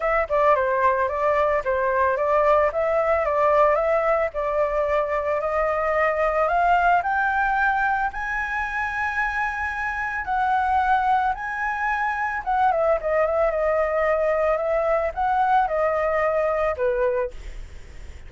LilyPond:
\new Staff \with { instrumentName = "flute" } { \time 4/4 \tempo 4 = 111 e''8 d''8 c''4 d''4 c''4 | d''4 e''4 d''4 e''4 | d''2 dis''2 | f''4 g''2 gis''4~ |
gis''2. fis''4~ | fis''4 gis''2 fis''8 e''8 | dis''8 e''8 dis''2 e''4 | fis''4 dis''2 b'4 | }